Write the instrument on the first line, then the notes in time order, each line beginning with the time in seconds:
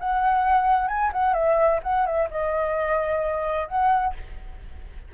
flute
0.00 F#5
0.88 G#5
1.12 F#5
1.34 E5
1.83 F#5
2.06 E5
2.31 D#5
3.68 F#5